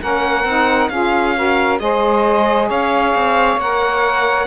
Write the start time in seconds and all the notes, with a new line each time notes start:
0.00 A#3 C#4 A#4 F#5
0.44 C4 D#4
0.89 C#4 F4 G#4 F5
1.35 F#4 A#4
1.79 G#3 G#4 C5 D#5
2.68 C#4 C#5 F5
3.15 C4
3.57 A#3 A#4 F#5